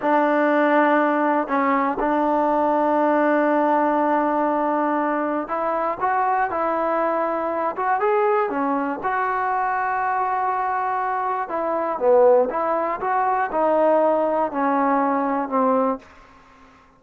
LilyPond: \new Staff \with { instrumentName = "trombone" } { \time 4/4 \tempo 4 = 120 d'2. cis'4 | d'1~ | d'2. e'4 | fis'4 e'2~ e'8 fis'8 |
gis'4 cis'4 fis'2~ | fis'2. e'4 | b4 e'4 fis'4 dis'4~ | dis'4 cis'2 c'4 | }